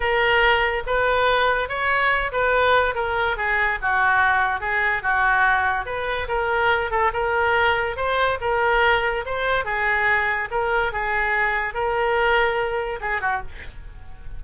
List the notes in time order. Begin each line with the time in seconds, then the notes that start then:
0.00 A#4
0.86 B4
1.68 C#5
2.32 B4
2.95 A#4
3.36 G#4
3.81 F#4
4.60 G#4
5.02 F#4
5.85 B4
6.28 A#4
6.90 A4
7.13 A#4
7.96 C5
8.40 A#4
9.25 C5
9.64 G#4
10.50 A#4
10.92 G#4
11.73 A#4
13.00 G#4
13.21 F#4